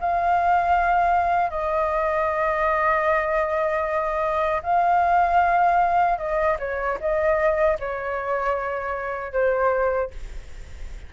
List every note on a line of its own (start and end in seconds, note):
0.00 1.50 F5
1.50 4.62 D#5
4.63 6.18 F5
6.18 6.57 D#5
6.59 6.98 C#5
7.00 7.78 D#5
7.79 9.33 C#5
9.33 10.11 C5